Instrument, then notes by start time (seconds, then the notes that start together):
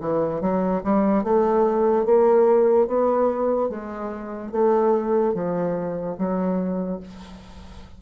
bassoon
0.00 E3
0.41 F#3
0.83 G3
1.23 A3
2.05 A#3
2.87 B3
3.69 G#3
4.51 A3
5.34 F3
6.18 F#3